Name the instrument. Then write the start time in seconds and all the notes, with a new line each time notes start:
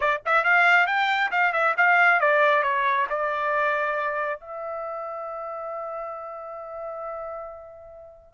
trumpet
0.00 D5
0.25 E5
0.44 F5
0.87 G5
1.31 F5
1.52 E5
1.77 F5
2.20 D5
2.63 C#5
3.09 D5
4.40 E5